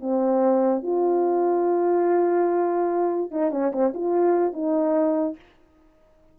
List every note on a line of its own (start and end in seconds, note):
0.00 0.83 C4
0.83 3.31 F4
3.31 3.51 D#4
3.51 3.72 C#4
3.72 3.93 C4
3.94 4.53 F4
4.53 5.36 D#4